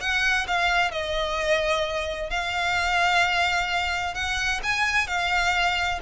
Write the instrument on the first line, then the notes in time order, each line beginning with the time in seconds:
violin
0.00 F#5
0.47 F5
0.91 D#5
2.30 F5
4.14 F#5
4.63 G#5
5.07 F5